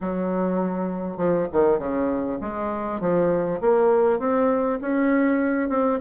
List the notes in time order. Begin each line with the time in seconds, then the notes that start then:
0.01 F#3
1.17 F3
1.52 D#3
1.78 C#3
2.40 G#3
3.00 F3
3.61 A#3
4.19 C4
4.81 C#4
5.69 C4